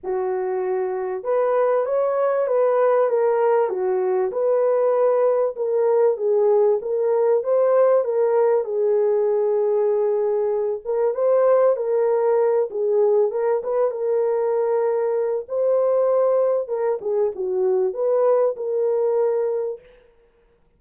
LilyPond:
\new Staff \with { instrumentName = "horn" } { \time 4/4 \tempo 4 = 97 fis'2 b'4 cis''4 | b'4 ais'4 fis'4 b'4~ | b'4 ais'4 gis'4 ais'4 | c''4 ais'4 gis'2~ |
gis'4. ais'8 c''4 ais'4~ | ais'8 gis'4 ais'8 b'8 ais'4.~ | ais'4 c''2 ais'8 gis'8 | fis'4 b'4 ais'2 | }